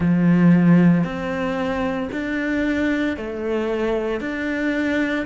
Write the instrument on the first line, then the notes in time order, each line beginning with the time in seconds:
cello
0.00 F3
1.03 C4
2.11 D4
3.16 A3
4.20 D4